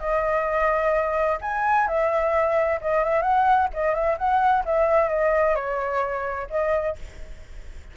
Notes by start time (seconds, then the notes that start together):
0.00 D#5
1.42 G#5
1.88 E5
2.82 D#5
3.04 E5
3.22 F#5
3.74 D#5
3.95 E5
4.18 F#5
4.66 E5
5.09 D#5
5.56 C#5
6.50 D#5